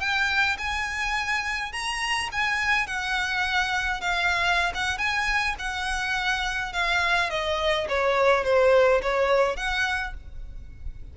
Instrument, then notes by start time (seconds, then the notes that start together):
violin
0.00 G5
0.58 G#5
1.72 A#5
2.32 G#5
2.87 F#5
4.01 F5
4.75 F#5
4.98 G#5
5.59 F#5
6.73 F5
7.30 D#5
7.89 C#5
8.44 C5
9.02 C#5
9.56 F#5